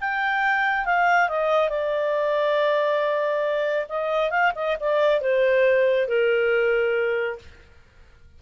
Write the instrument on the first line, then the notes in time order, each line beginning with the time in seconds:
clarinet
0.00 G5
0.85 F5
1.28 D#5
1.69 D5
3.88 D#5
4.30 F5
4.55 D#5
4.79 D5
5.21 C5
6.08 A#4